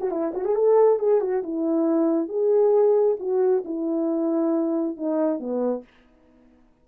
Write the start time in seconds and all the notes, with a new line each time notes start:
0.00 F#4
0.11 E4
0.34 F#4
0.45 G#4
0.55 A4
0.99 G#4
1.21 F#4
1.43 E4
2.29 G#4
3.19 F#4
3.65 E4
4.97 D#4
5.39 B3